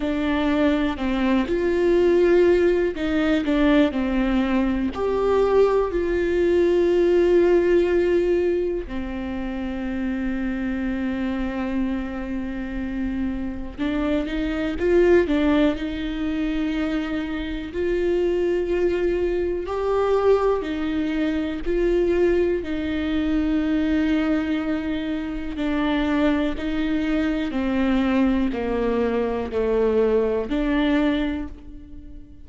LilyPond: \new Staff \with { instrumentName = "viola" } { \time 4/4 \tempo 4 = 61 d'4 c'8 f'4. dis'8 d'8 | c'4 g'4 f'2~ | f'4 c'2.~ | c'2 d'8 dis'8 f'8 d'8 |
dis'2 f'2 | g'4 dis'4 f'4 dis'4~ | dis'2 d'4 dis'4 | c'4 ais4 a4 d'4 | }